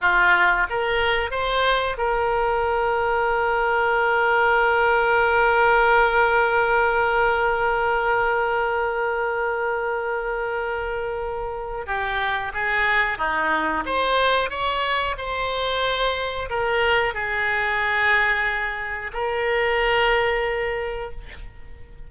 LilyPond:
\new Staff \with { instrumentName = "oboe" } { \time 4/4 \tempo 4 = 91 f'4 ais'4 c''4 ais'4~ | ais'1~ | ais'1~ | ais'1~ |
ais'2 g'4 gis'4 | dis'4 c''4 cis''4 c''4~ | c''4 ais'4 gis'2~ | gis'4 ais'2. | }